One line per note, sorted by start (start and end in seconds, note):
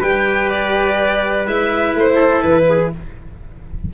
0.00 1.46 G3
0.00 1.47 G4
0.00 2.15 B4
0.00 0.49 G5
0.49 1.46 D5
1.46 1.94 G#3
1.46 2.92 E4
1.46 1.96 E5
1.95 2.43 A3
1.95 2.43 C5
2.15 2.63 A4
2.43 2.92 E3
2.43 2.91 B4
2.69 2.94 G#4